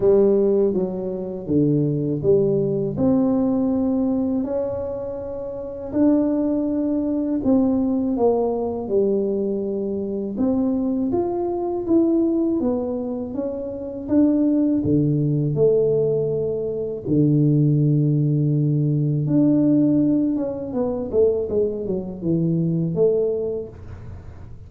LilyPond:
\new Staff \with { instrumentName = "tuba" } { \time 4/4 \tempo 4 = 81 g4 fis4 d4 g4 | c'2 cis'2 | d'2 c'4 ais4 | g2 c'4 f'4 |
e'4 b4 cis'4 d'4 | d4 a2 d4~ | d2 d'4. cis'8 | b8 a8 gis8 fis8 e4 a4 | }